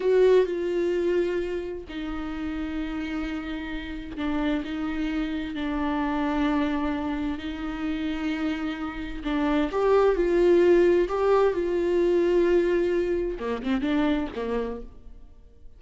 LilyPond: \new Staff \with { instrumentName = "viola" } { \time 4/4 \tempo 4 = 130 fis'4 f'2. | dis'1~ | dis'4 d'4 dis'2 | d'1 |
dis'1 | d'4 g'4 f'2 | g'4 f'2.~ | f'4 ais8 c'8 d'4 ais4 | }